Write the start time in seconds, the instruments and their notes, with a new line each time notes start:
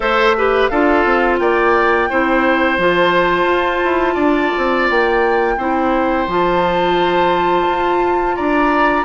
0.00 bassoon A3, clarinet A4, oboe C5, flute E5
0.36 clarinet G4, oboe B4
0.67 bassoon D4, clarinet F4, oboe A4, flute F5
1.05 bassoon C4
1.39 bassoon A#3, oboe D5, flute G5
2.09 bassoon C4, clarinet E4, oboe C5
2.78 bassoon F3, clarinet F4, flute A5
3.44 bassoon F4
3.84 bassoon E4
4.14 bassoon D4, oboe D5
4.57 bassoon C4
4.90 bassoon A#3, flute G5
5.57 bassoon C4, clarinet E4, oboe C5
6.27 bassoon F3, clarinet F4, flute A5
7.68 bassoon F4
8.35 bassoon D4, oboe D5, flute A#5